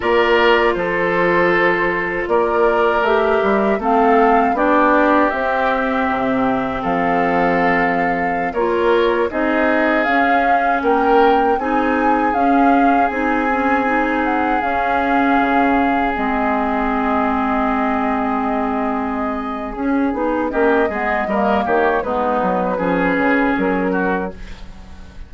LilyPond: <<
  \new Staff \with { instrumentName = "flute" } { \time 4/4 \tempo 4 = 79 d''4 c''2 d''4 | e''4 f''4 d''4 e''4~ | e''4 f''2~ f''16 cis''8.~ | cis''16 dis''4 f''4 g''4 gis''8.~ |
gis''16 f''4 gis''4. fis''8 f''8.~ | f''4~ f''16 dis''2~ dis''8.~ | dis''2 gis'4 dis''4~ | dis''8 cis''8 b'2 ais'4 | }
  \new Staff \with { instrumentName = "oboe" } { \time 4/4 ais'4 a'2 ais'4~ | ais'4 a'4 g'2~ | g'4 a'2~ a'16 ais'8.~ | ais'16 gis'2 ais'4 gis'8.~ |
gis'1~ | gis'1~ | gis'2. g'8 gis'8 | ais'8 g'8 dis'4 gis'4. fis'8 | }
  \new Staff \with { instrumentName = "clarinet" } { \time 4/4 f'1 | g'4 c'4 d'4 c'4~ | c'2.~ c'16 f'8.~ | f'16 dis'4 cis'2 dis'8.~ |
dis'16 cis'4 dis'8 cis'8 dis'4 cis'8.~ | cis'4~ cis'16 c'2~ c'8.~ | c'2 cis'8 dis'8 cis'8 b8 | ais4 b4 cis'2 | }
  \new Staff \with { instrumentName = "bassoon" } { \time 4/4 ais4 f2 ais4 | a8 g8 a4 b4 c'4 | c4 f2~ f16 ais8.~ | ais16 c'4 cis'4 ais4 c'8.~ |
c'16 cis'4 c'2 cis'8.~ | cis'16 cis4 gis2~ gis8.~ | gis2 cis'8 b8 ais8 gis8 | g8 dis8 gis8 fis8 f8 cis8 fis4 | }
>>